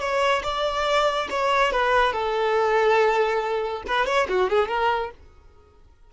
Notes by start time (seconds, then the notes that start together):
0.00 C#5
0.43 D5
1.30 C#5
1.72 B4
2.13 A4
3.87 B4
4.06 C#5
4.29 F#4
4.50 G#4
4.68 A#4